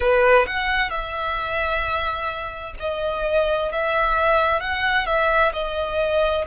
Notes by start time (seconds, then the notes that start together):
0.00 B4
0.47 F#5
0.89 E5
2.79 D#5
3.72 E5
4.60 F#5
5.06 E5
5.53 D#5